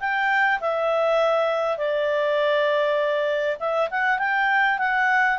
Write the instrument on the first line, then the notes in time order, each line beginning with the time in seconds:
clarinet
0.00 G5
0.61 E5
1.78 D5
3.59 E5
3.90 F#5
4.18 G5
4.78 F#5